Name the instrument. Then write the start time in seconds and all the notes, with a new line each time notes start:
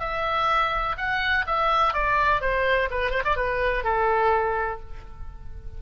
oboe
0.00 E5
0.98 F#5
1.47 E5
1.94 D5
2.41 C5
2.91 B4
3.11 C5
3.25 D5
3.37 B4
3.84 A4